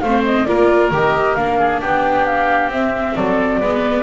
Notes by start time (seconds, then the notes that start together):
0.00 A3 C4 C5 F5
0.25 D#5
0.46 A#3 F4 A#4 D5
0.91 D#3 G4 D#5
1.35 A#3 D4 F5
1.59 G#4
1.81 B3 G4 G5
2.26 F5
2.68 C4 E5
3.15 F#3 A4 D5
3.60 G#3 B3 B4